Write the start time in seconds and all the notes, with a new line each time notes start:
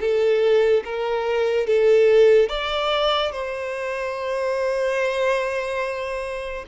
0.00 A4
0.84 A#4
1.66 A4
2.49 D5
3.31 C5